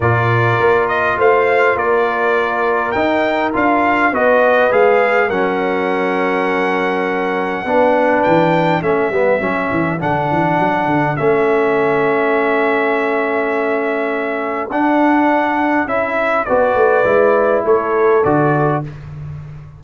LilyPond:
<<
  \new Staff \with { instrumentName = "trumpet" } { \time 4/4 \tempo 4 = 102 d''4. dis''8 f''4 d''4~ | d''4 g''4 f''4 dis''4 | f''4 fis''2.~ | fis''2 g''4 e''4~ |
e''4 fis''2 e''4~ | e''1~ | e''4 fis''2 e''4 | d''2 cis''4 d''4 | }
  \new Staff \with { instrumentName = "horn" } { \time 4/4 ais'2 c''4 ais'4~ | ais'2. b'4~ | b'4 ais'2.~ | ais'4 b'2 a'4~ |
a'1~ | a'1~ | a'1 | b'2 a'2 | }
  \new Staff \with { instrumentName = "trombone" } { \time 4/4 f'1~ | f'4 dis'4 f'4 fis'4 | gis'4 cis'2.~ | cis'4 d'2 cis'8 b8 |
cis'4 d'2 cis'4~ | cis'1~ | cis'4 d'2 e'4 | fis'4 e'2 fis'4 | }
  \new Staff \with { instrumentName = "tuba" } { \time 4/4 ais,4 ais4 a4 ais4~ | ais4 dis'4 d'4 b4 | gis4 fis2.~ | fis4 b4 e4 a8 g8 |
fis8 e8 d8 e8 fis8 d8 a4~ | a1~ | a4 d'2 cis'4 | b8 a8 gis4 a4 d4 | }
>>